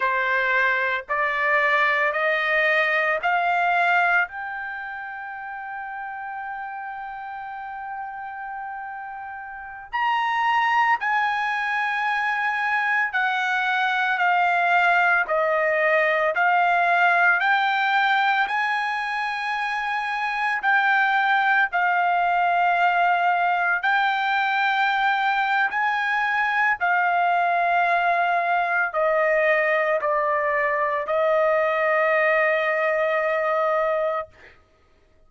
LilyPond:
\new Staff \with { instrumentName = "trumpet" } { \time 4/4 \tempo 4 = 56 c''4 d''4 dis''4 f''4 | g''1~ | g''4~ g''16 ais''4 gis''4.~ gis''16~ | gis''16 fis''4 f''4 dis''4 f''8.~ |
f''16 g''4 gis''2 g''8.~ | g''16 f''2 g''4.~ g''16 | gis''4 f''2 dis''4 | d''4 dis''2. | }